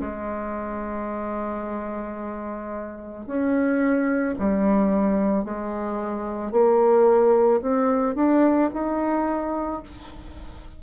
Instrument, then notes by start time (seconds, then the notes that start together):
bassoon
0.00 G#3
3.26 C#4
4.39 G3
5.44 G#3
6.52 A#3
7.62 C4
8.15 D4
8.73 D#4